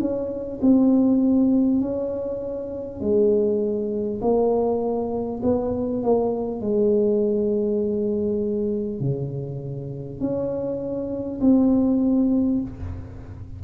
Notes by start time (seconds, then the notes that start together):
0.00 C#4
0.62 C4
1.81 C#4
3.01 G#3
4.21 A#3
5.43 B3
6.03 A#3
6.61 G#3
9.01 C#3
10.20 C#4
11.41 C4